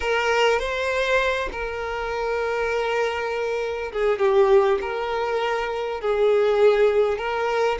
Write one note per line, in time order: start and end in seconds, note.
0.00 0.59 A#4
0.59 1.49 C5
1.52 3.92 A#4
3.92 4.18 G#4
4.18 4.78 G4
4.81 6.01 A#4
6.01 7.18 G#4
7.18 7.78 A#4